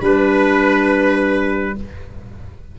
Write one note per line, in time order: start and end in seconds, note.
0.00 1.75 G3
0.00 1.75 D4
0.00 1.75 B4
0.00 1.79 B4